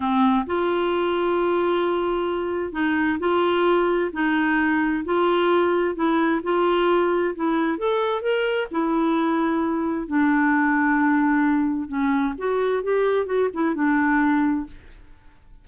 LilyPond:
\new Staff \with { instrumentName = "clarinet" } { \time 4/4 \tempo 4 = 131 c'4 f'2.~ | f'2 dis'4 f'4~ | f'4 dis'2 f'4~ | f'4 e'4 f'2 |
e'4 a'4 ais'4 e'4~ | e'2 d'2~ | d'2 cis'4 fis'4 | g'4 fis'8 e'8 d'2 | }